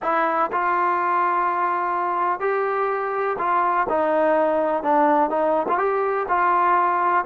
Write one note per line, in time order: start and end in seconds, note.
0.02 0.50 E4
0.51 2.40 F4
2.40 3.37 G4
3.38 3.86 F4
3.89 4.83 D#4
4.83 5.30 D4
5.30 5.66 D#4
5.68 5.78 F4
5.78 6.26 G4
6.28 7.25 F4